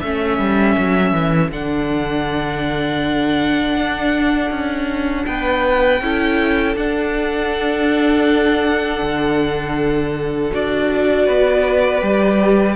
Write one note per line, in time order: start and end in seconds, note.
0.00 0.38 A3
0.00 1.50 C#4
0.00 5.28 A4
0.00 1.50 E5
0.38 0.76 G3
0.77 1.12 F#3
1.12 1.50 E3
1.50 3.75 D3
1.50 6.00 D4
1.50 5.25 F#5
3.75 4.50 D4
4.50 5.25 C#4
5.25 6.00 B3
5.25 6.03 B4
5.25 6.75 G5
6.00 6.75 C#4
6.00 6.76 E4
6.00 11.25 A4
6.75 9.00 D4
6.75 10.51 D4
6.75 10.52 F#5
9.02 10.52 D3
10.51 11.28 D4
10.51 12.00 F#4
10.51 12.76 D5
11.25 12.02 B3
11.25 12.75 B4
12.00 12.76 G3
12.00 12.75 G4